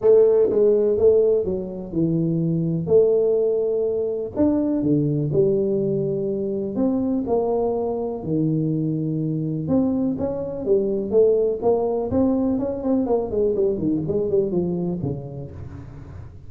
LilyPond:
\new Staff \with { instrumentName = "tuba" } { \time 4/4 \tempo 4 = 124 a4 gis4 a4 fis4 | e2 a2~ | a4 d'4 d4 g4~ | g2 c'4 ais4~ |
ais4 dis2. | c'4 cis'4 g4 a4 | ais4 c'4 cis'8 c'8 ais8 gis8 | g8 dis8 gis8 g8 f4 cis4 | }